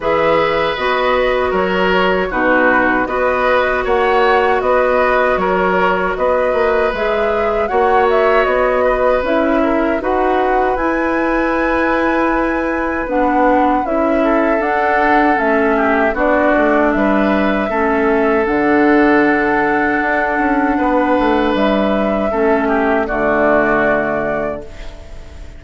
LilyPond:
<<
  \new Staff \with { instrumentName = "flute" } { \time 4/4 \tempo 4 = 78 e''4 dis''4 cis''4 b'4 | dis''4 fis''4 dis''4 cis''4 | dis''4 e''4 fis''8 e''8 dis''4 | e''4 fis''4 gis''2~ |
gis''4 fis''4 e''4 fis''4 | e''4 d''4 e''2 | fis''1 | e''2 d''2 | }
  \new Staff \with { instrumentName = "oboe" } { \time 4/4 b'2 ais'4 fis'4 | b'4 cis''4 b'4 ais'4 | b'2 cis''4. b'8~ | b'8 ais'8 b'2.~ |
b'2~ b'8 a'4.~ | a'8 g'8 fis'4 b'4 a'4~ | a'2. b'4~ | b'4 a'8 g'8 fis'2 | }
  \new Staff \with { instrumentName = "clarinet" } { \time 4/4 gis'4 fis'2 dis'4 | fis'1~ | fis'4 gis'4 fis'2 | e'4 fis'4 e'2~ |
e'4 d'4 e'4 d'4 | cis'4 d'2 cis'4 | d'1~ | d'4 cis'4 a2 | }
  \new Staff \with { instrumentName = "bassoon" } { \time 4/4 e4 b4 fis4 b,4 | b4 ais4 b4 fis4 | b8 ais8 gis4 ais4 b4 | cis'4 dis'4 e'2~ |
e'4 b4 cis'4 d'4 | a4 b8 a8 g4 a4 | d2 d'8 cis'8 b8 a8 | g4 a4 d2 | }
>>